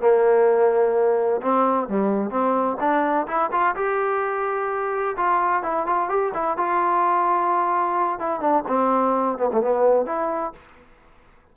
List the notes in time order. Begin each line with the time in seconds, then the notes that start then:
0.00 A#3
1.41 C4
1.88 G3
2.30 C4
2.80 D4
3.27 E4
3.51 F4
3.75 G4
5.17 F4
5.63 E4
5.86 F4
6.09 G4
6.34 E4
6.57 F4
8.19 E4
8.40 D4
8.67 C4
9.38 B3
9.52 A3
9.61 B3
10.06 E4